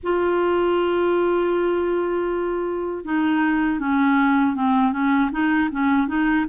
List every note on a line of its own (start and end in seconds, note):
0.03 3.04 F4
3.04 3.79 D#4
3.79 4.55 C#4
4.55 4.92 C4
4.92 5.30 C#4
5.31 5.69 D#4
5.71 6.07 C#4
6.07 6.45 D#4